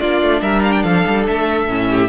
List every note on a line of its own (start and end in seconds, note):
0.00 0.22 A#3
0.00 1.68 D4
0.00 0.41 F4
0.00 0.42 D5
0.22 0.41 A3
0.41 0.83 G3
0.41 0.83 A#4
0.41 0.63 E5
0.63 0.72 F5
0.72 0.82 G5
0.82 1.04 F3
0.82 1.88 A4
0.82 1.24 F5
1.07 1.28 G3
1.27 1.68 A3
1.27 2.08 E5
1.68 2.08 A2
1.68 2.08 C#4
1.89 2.08 G4